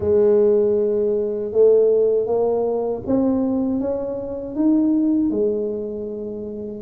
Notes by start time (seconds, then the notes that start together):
0.00 G#3
1.52 A3
2.26 A#3
3.06 C4
3.79 C#4
4.55 D#4
5.30 G#3